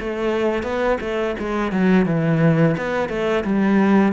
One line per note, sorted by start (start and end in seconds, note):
0.00 0.63 A3
0.63 0.98 B3
1.01 1.35 A3
1.39 1.72 G#3
1.72 2.06 F#3
2.06 2.76 E3
2.77 3.09 B3
3.09 3.44 A3
3.44 4.13 G3